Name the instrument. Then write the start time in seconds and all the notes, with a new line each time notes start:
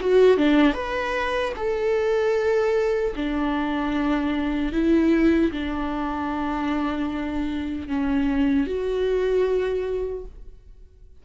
viola
0.00 F#4
0.37 D4
0.73 B4
1.56 A4
3.15 D4
4.72 E4
5.51 D4
7.88 C#4
8.67 F#4